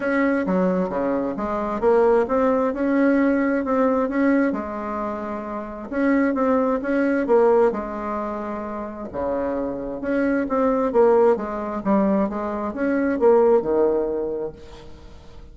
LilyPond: \new Staff \with { instrumentName = "bassoon" } { \time 4/4 \tempo 4 = 132 cis'4 fis4 cis4 gis4 | ais4 c'4 cis'2 | c'4 cis'4 gis2~ | gis4 cis'4 c'4 cis'4 |
ais4 gis2. | cis2 cis'4 c'4 | ais4 gis4 g4 gis4 | cis'4 ais4 dis2 | }